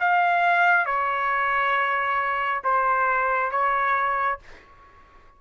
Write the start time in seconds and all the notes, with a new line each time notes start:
0.00 F5
0.86 C#5
2.64 C5
3.51 C#5